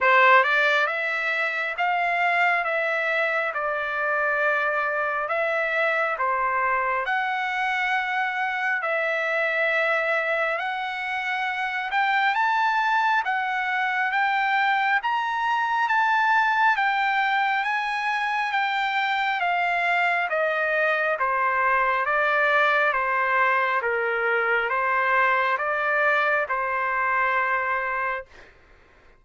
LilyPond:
\new Staff \with { instrumentName = "trumpet" } { \time 4/4 \tempo 4 = 68 c''8 d''8 e''4 f''4 e''4 | d''2 e''4 c''4 | fis''2 e''2 | fis''4. g''8 a''4 fis''4 |
g''4 ais''4 a''4 g''4 | gis''4 g''4 f''4 dis''4 | c''4 d''4 c''4 ais'4 | c''4 d''4 c''2 | }